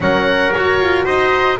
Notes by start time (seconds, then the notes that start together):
0.00 F#3 C#4 A#4 F#5
0.52 F#4 C#5
0.79 F4
1.05 D#4 C5 D#5